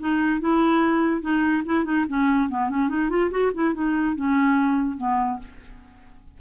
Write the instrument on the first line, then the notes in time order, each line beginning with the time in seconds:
clarinet
0.00 D#4
0.41 E4
1.22 D#4
1.66 E4
1.85 D#4
2.09 C#4
2.50 B3
2.70 C#4
2.89 D#4
3.10 F4
3.31 F#4
3.54 E4
3.74 D#4
4.16 C#4
4.98 B3